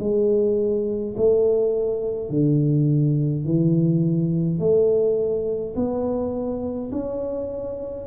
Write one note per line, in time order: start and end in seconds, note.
0.00 1.15 G#3
1.17 2.30 A3
2.30 3.45 D3
3.45 4.60 E3
4.60 5.75 A3
5.76 6.91 B3
6.92 8.08 C#4